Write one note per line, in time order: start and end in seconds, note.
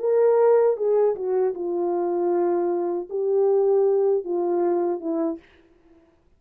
0.00 0.77 A#4
0.77 1.15 G#4
1.16 1.54 F#4
1.55 3.09 F4
3.10 4.25 G4
4.25 5.01 F4
5.01 5.39 E4